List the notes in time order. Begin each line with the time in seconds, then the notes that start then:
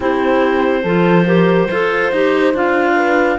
0.00 C4 E4 G4 C5
0.82 F3 F4 A4
1.25 G4 A#4
1.66 F4 A4 C5
2.11 D#4 G4
2.54 D4 F4 F5
2.95 B4